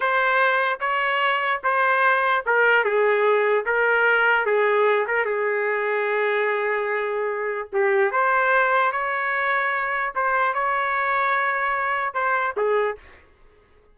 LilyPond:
\new Staff \with { instrumentName = "trumpet" } { \time 4/4 \tempo 4 = 148 c''2 cis''2 | c''2 ais'4 gis'4~ | gis'4 ais'2 gis'4~ | gis'8 ais'8 gis'2.~ |
gis'2. g'4 | c''2 cis''2~ | cis''4 c''4 cis''2~ | cis''2 c''4 gis'4 | }